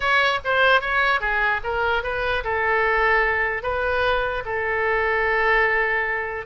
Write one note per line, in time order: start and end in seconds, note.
0.00 0.39 C#5
0.44 0.80 C5
0.80 1.20 C#5
1.20 1.60 G#4
1.63 2.03 A#4
2.03 2.43 B4
2.44 3.62 A4
3.62 4.43 B4
4.45 6.45 A4